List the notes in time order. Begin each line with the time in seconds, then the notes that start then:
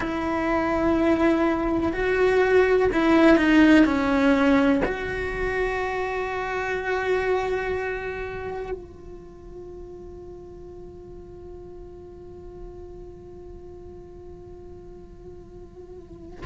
0.00 E4
1.92 F#4
2.92 E4
3.37 D#4
3.85 C#4
4.84 F#4
8.71 F4